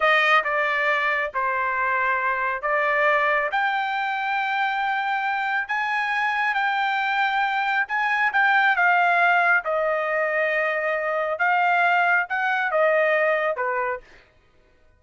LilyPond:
\new Staff \with { instrumentName = "trumpet" } { \time 4/4 \tempo 4 = 137 dis''4 d''2 c''4~ | c''2 d''2 | g''1~ | g''4 gis''2 g''4~ |
g''2 gis''4 g''4 | f''2 dis''2~ | dis''2 f''2 | fis''4 dis''2 b'4 | }